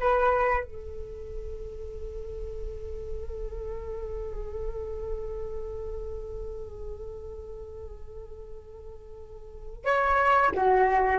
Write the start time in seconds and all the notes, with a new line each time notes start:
0.00 B4
0.64 A4
9.85 C#5
10.54 F#4